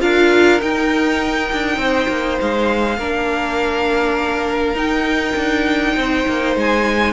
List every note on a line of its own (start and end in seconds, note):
0.00 0.61 D4
0.00 0.59 F4
0.00 1.79 A#4
0.00 0.61 F5
0.59 2.97 D#4
0.59 1.51 D#4
0.59 2.40 G5
1.52 1.77 D4
1.77 2.07 C4
1.77 2.98 C5
2.08 2.38 A#3
2.41 2.98 G#3
2.41 4.77 F5
2.98 4.74 A#3
2.98 4.76 D4
2.98 5.95 A#4
4.74 5.34 D#4
4.74 7.13 D#4
4.74 6.56 G5
5.36 5.95 D4
5.96 6.26 C4
5.96 7.13 C5
6.28 6.56 A#3
6.56 7.13 G#3
6.56 7.13 G#5